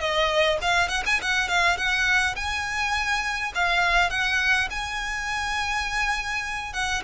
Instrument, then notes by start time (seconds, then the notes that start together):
violin
0.00 D#5
0.61 F5
0.88 F#5
1.06 G#5
1.22 F#5
1.48 F5
1.77 F#5
2.36 G#5
3.55 F5
4.10 F#5
4.70 G#5
6.73 F#5